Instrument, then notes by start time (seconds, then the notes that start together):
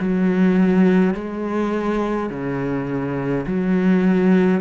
cello
0.00 F#3
1.14 G#3
2.30 C#3
3.46 F#3